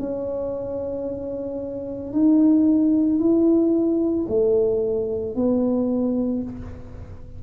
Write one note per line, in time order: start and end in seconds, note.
0.00 2.13 C#4
2.13 3.19 D#4
3.19 4.27 E4
4.29 5.36 A3
5.36 6.43 B3